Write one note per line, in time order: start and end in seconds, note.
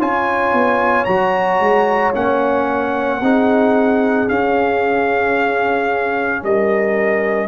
0.00 0.53 C#4
0.00 1.07 F4
0.00 3.22 C#5
0.00 1.05 G#5
0.53 1.07 B3
1.05 1.60 F#3
1.05 2.14 F#4
1.05 2.12 A#5
1.60 2.14 G#3
2.14 3.21 A#3
2.14 3.21 C#4
2.14 4.29 F#5
3.21 4.28 C4
3.21 4.28 D#4
3.21 6.44 G#4
4.28 7.48 C#4
4.28 6.43 C#4
4.28 6.43 F5
6.43 7.48 G3
6.43 7.48 A#4
6.43 7.48 D#5